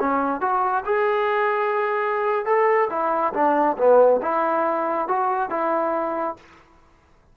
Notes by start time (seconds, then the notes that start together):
0.00 C#4
0.41 F#4
0.86 G#4
2.46 A4
2.91 E4
3.34 D4
3.78 B3
4.22 E4
5.09 F#4
5.51 E4